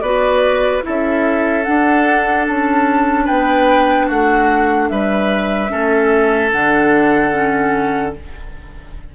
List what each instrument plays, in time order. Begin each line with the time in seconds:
0.00 bassoon B3, clarinet F#4, oboe B4, flute D5
0.82 clarinet E4, oboe A4, flute E5
0.88 bassoon C#4
1.64 clarinet D4, bassoon D4, flute F#5
2.48 bassoon C#4, flute A5
3.25 bassoon B3, oboe B4, flute G5
4.07 bassoon A3, oboe F#4, flute F#5
4.89 bassoon G3, oboe B4, flute E5
5.69 bassoon A3, clarinet C#4, oboe A4
6.52 bassoon D3, clarinet D4, flute F#5
7.32 clarinet C#4